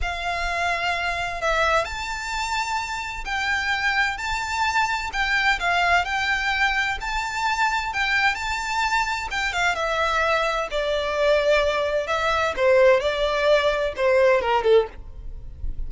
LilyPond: \new Staff \with { instrumentName = "violin" } { \time 4/4 \tempo 4 = 129 f''2. e''4 | a''2. g''4~ | g''4 a''2 g''4 | f''4 g''2 a''4~ |
a''4 g''4 a''2 | g''8 f''8 e''2 d''4~ | d''2 e''4 c''4 | d''2 c''4 ais'8 a'8 | }